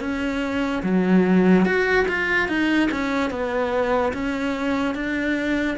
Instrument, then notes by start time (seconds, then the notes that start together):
cello
0.00 C#4
0.83 F#3
1.65 F#4
2.08 F4
2.48 D#4
2.91 C#4
3.30 B3
4.13 C#4
4.95 D4